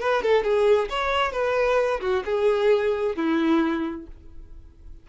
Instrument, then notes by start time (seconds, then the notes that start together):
violin
0.00 B4
0.23 A4
0.43 G#4
0.89 C#5
1.32 B4
2.01 F#4
2.25 G#4
3.16 E4